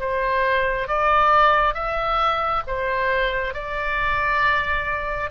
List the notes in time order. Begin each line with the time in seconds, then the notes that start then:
0.00 C5
0.88 D5
1.74 E5
2.67 C5
3.54 D5